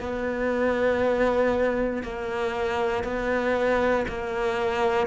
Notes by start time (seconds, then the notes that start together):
0.00 B3
2.03 A#3
3.04 B3
4.08 A#3